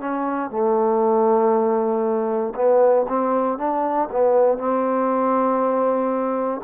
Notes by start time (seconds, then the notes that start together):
0.00 C#4
0.50 A3
2.55 B3
3.09 C4
3.58 D4
4.11 B3
4.58 C4